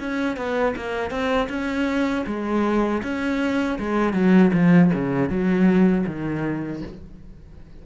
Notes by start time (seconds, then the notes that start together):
0.00 C#4
0.37 B3
0.76 A#3
1.10 C4
1.49 C#4
2.26 G#3
3.03 C#4
3.79 G#3
4.14 F#3
4.54 F3
4.94 C#3
5.30 F#3
6.07 D#3